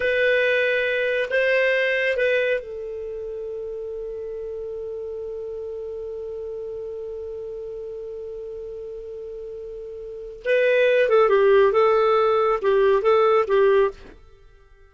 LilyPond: \new Staff \with { instrumentName = "clarinet" } { \time 4/4 \tempo 4 = 138 b'2. c''4~ | c''4 b'4 a'2~ | a'1~ | a'1~ |
a'1~ | a'1 | b'4. a'8 g'4 a'4~ | a'4 g'4 a'4 g'4 | }